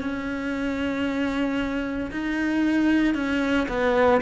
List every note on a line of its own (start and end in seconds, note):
0.00 2.11 C#4
2.11 3.14 D#4
3.14 3.67 C#4
3.68 4.21 B3